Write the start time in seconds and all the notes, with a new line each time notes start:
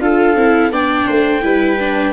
0.00 D4 F4 A4 F5
0.36 C4 E4
0.71 B3 D4 D5 G5
1.07 A3 C5
1.42 G3 E4 B4
1.79 D4